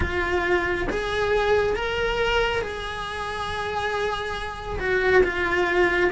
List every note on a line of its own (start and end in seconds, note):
0.00 0.87 F4
0.89 1.76 G#4
1.76 2.61 A#4
2.61 4.78 G#4
4.79 5.23 F#4
5.23 6.10 F4